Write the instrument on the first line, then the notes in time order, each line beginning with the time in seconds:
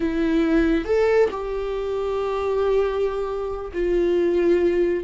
viola
0.00 E4
0.85 A4
1.31 G4
3.73 F4